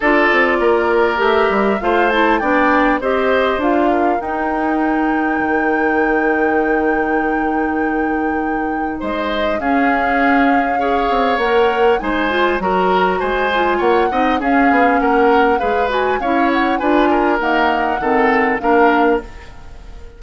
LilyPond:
<<
  \new Staff \with { instrumentName = "flute" } { \time 4/4 \tempo 4 = 100 d''2 e''4 f''8 a''8 | g''4 dis''4 f''4 g''4~ | g''1~ | g''2. dis''4 |
f''2. fis''4 | gis''4 ais''4 gis''4 fis''4 | f''4 fis''4 f''8 gis''8 f''8 fis''8 | gis''4 fis''2 f''4 | }
  \new Staff \with { instrumentName = "oboe" } { \time 4/4 a'4 ais'2 c''4 | d''4 c''4. ais'4.~ | ais'1~ | ais'2. c''4 |
gis'2 cis''2 | c''4 ais'4 c''4 cis''8 dis''8 | gis'4 ais'4 b'4 cis''4 | b'8 ais'4. a'4 ais'4 | }
  \new Staff \with { instrumentName = "clarinet" } { \time 4/4 f'2 g'4 f'8 e'8 | d'4 g'4 f'4 dis'4~ | dis'1~ | dis'1 |
cis'2 gis'4 ais'4 | dis'8 f'8 fis'4. f'4 dis'8 | cis'2 gis'8 fis'8 e'4 | f'4 ais4 c'4 d'4 | }
  \new Staff \with { instrumentName = "bassoon" } { \time 4/4 d'8 c'8 ais4 a8 g8 a4 | b4 c'4 d'4 dis'4~ | dis'4 dis2.~ | dis2. gis4 |
cis'2~ cis'8 c'8 ais4 | gis4 fis4 gis4 ais8 c'8 | cis'8 b8 ais4 gis4 cis'4 | d'4 dis'4 dis4 ais4 | }
>>